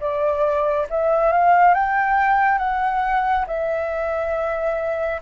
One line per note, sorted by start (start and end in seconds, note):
0.00 0.87 D5
0.90 1.32 E5
1.32 1.74 F5
1.74 2.58 G5
2.58 3.45 F#5
3.47 5.21 E5